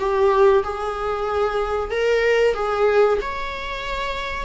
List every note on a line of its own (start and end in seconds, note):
0.00 0.64 G4
0.64 1.91 G#4
1.91 2.55 A#4
2.55 3.19 G#4
3.22 4.46 C#5